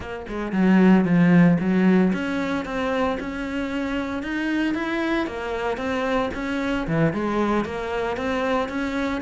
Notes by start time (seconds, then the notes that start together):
0.00 A#3
0.28 G#3
0.52 F#3
1.04 F3
1.59 F#3
2.13 C#4
2.65 C4
3.20 C#4
4.22 D#4
4.74 E4
5.26 A#3
5.77 C4
6.34 C#4
6.87 E3
7.13 G#3
7.64 A#3
8.16 C4
8.68 C#4